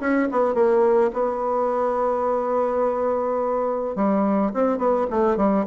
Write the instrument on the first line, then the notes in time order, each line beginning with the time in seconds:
bassoon
0.00 C#4
0.31 B3
0.54 A#3
1.13 B3
3.95 G3
4.54 C4
4.78 B3
5.10 A3
5.37 G3